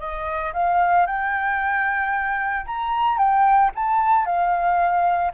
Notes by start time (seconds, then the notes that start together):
0.00 D#5
0.54 F5
1.07 G5
2.66 A#5
3.18 G5
3.76 A5
4.26 F5